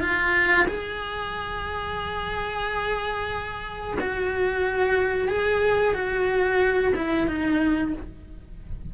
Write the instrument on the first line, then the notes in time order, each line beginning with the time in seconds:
cello
0.00 F4
0.68 G#4
4.00 F#4
5.28 G#4
5.94 F#4
6.95 E4
7.27 D#4